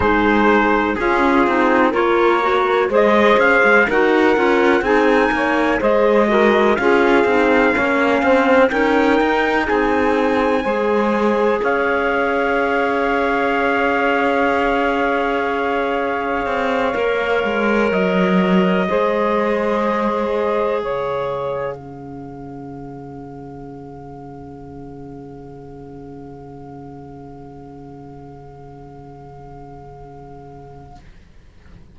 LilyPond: <<
  \new Staff \with { instrumentName = "trumpet" } { \time 4/4 \tempo 4 = 62 c''4 gis'4 cis''4 dis''8 f''8 | fis''4 gis''4 dis''4 f''4~ | f''4 g''4 gis''2 | f''1~ |
f''2~ f''8 dis''4.~ | dis''4. f''2~ f''8~ | f''1~ | f''1 | }
  \new Staff \with { instrumentName = "saxophone" } { \time 4/4 gis'4 f'4 ais'4 c''4 | ais'4 gis'8 cis''8 c''8 ais'8 gis'4 | cis''8 c''8 ais'4 gis'4 c''4 | cis''1~ |
cis''2.~ cis''8 c''8~ | c''4. cis''4 gis'4.~ | gis'1~ | gis'1 | }
  \new Staff \with { instrumentName = "clarinet" } { \time 4/4 dis'4 cis'8 dis'8 f'8 fis'8 gis'4 | fis'8 f'8 dis'4 gis'8 fis'8 f'8 dis'8 | cis'4 dis'2 gis'4~ | gis'1~ |
gis'4. ais'2 gis'8~ | gis'2~ gis'8 cis'4.~ | cis'1~ | cis'1 | }
  \new Staff \with { instrumentName = "cello" } { \time 4/4 gis4 cis'8 c'8 ais4 gis8 cis'16 gis16 | dis'8 cis'8 c'8 ais8 gis4 cis'8 c'8 | ais8 c'8 cis'8 dis'8 c'4 gis4 | cis'1~ |
cis'4 c'8 ais8 gis8 fis4 gis8~ | gis4. cis2~ cis8~ | cis1~ | cis1 | }
>>